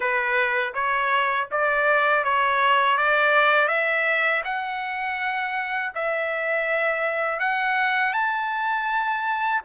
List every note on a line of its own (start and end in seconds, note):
0.00 0.73 B4
0.74 1.48 C#5
1.51 2.24 D5
2.24 2.97 C#5
2.97 3.68 D5
3.68 4.42 E5
4.44 5.92 F#5
5.95 7.39 E5
7.39 8.13 F#5
8.13 9.61 A5